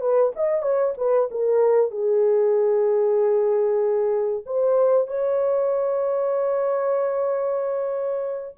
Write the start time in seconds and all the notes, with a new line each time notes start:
0.00 B4
0.35 D#5
0.62 C#5
0.97 B4
1.31 A#4
1.91 G#4
4.46 C5
5.07 C#5